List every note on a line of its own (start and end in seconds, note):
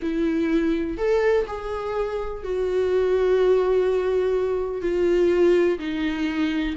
0.02 0.97 E4
0.97 1.46 A4
1.47 2.43 G#4
2.43 4.81 F#4
4.81 5.78 F4
5.78 6.75 D#4